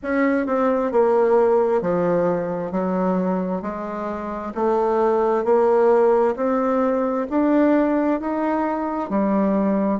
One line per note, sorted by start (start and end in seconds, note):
0.02 0.46 C#4
0.46 0.91 C4
0.91 1.81 A#3
1.81 2.71 F3
2.71 3.62 F#3
3.62 4.52 G#3
4.55 5.44 A3
5.44 6.35 A#3
6.36 7.26 C4
7.30 8.20 D4
8.20 9.09 D#4
9.09 10.00 G3